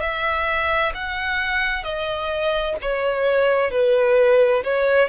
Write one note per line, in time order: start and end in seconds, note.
0.00 0.92 E5
0.94 1.83 F#5
1.83 2.75 D#5
2.81 3.70 C#5
3.70 4.63 B4
4.63 5.08 C#5